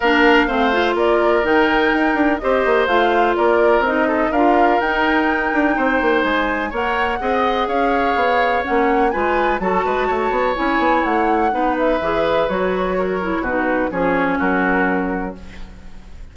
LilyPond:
<<
  \new Staff \with { instrumentName = "flute" } { \time 4/4 \tempo 4 = 125 f''2 d''4 g''4~ | g''4 dis''4 f''4 d''4 | dis''4 f''4 g''2~ | g''4 gis''4 fis''2 |
f''2 fis''4 gis''4 | a''2 gis''4 fis''4~ | fis''8 e''4. cis''2 | b'4 cis''4 ais'2 | }
  \new Staff \with { instrumentName = "oboe" } { \time 4/4 ais'4 c''4 ais'2~ | ais'4 c''2 ais'4~ | ais'8 a'8 ais'2. | c''2 cis''4 dis''4 |
cis''2. b'4 | a'8 b'8 cis''2. | b'2. ais'4 | fis'4 gis'4 fis'2 | }
  \new Staff \with { instrumentName = "clarinet" } { \time 4/4 d'4 c'8 f'4. dis'4~ | dis'4 g'4 f'2 | dis'4 f'4 dis'2~ | dis'2 ais'4 gis'4~ |
gis'2 cis'4 f'4 | fis'2 e'2 | dis'4 gis'4 fis'4. e'8 | dis'4 cis'2. | }
  \new Staff \with { instrumentName = "bassoon" } { \time 4/4 ais4 a4 ais4 dis4 | dis'8 d'8 c'8 ais8 a4 ais4 | c'4 d'4 dis'4. d'8 | c'8 ais8 gis4 ais4 c'4 |
cis'4 b4 ais4 gis4 | fis8 gis8 a8 b8 cis'8 b8 a4 | b4 e4 fis2 | b,4 f4 fis2 | }
>>